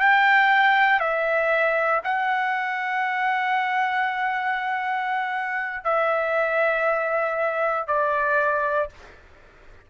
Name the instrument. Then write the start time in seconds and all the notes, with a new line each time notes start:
trumpet
0.00 G5
1.00 E5
2.04 F#5
5.84 E5
7.88 D5